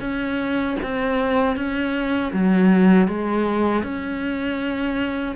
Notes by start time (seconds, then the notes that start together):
0.00 C#4
0.83 C4
1.56 C#4
2.33 F#3
3.08 G#3
3.83 C#4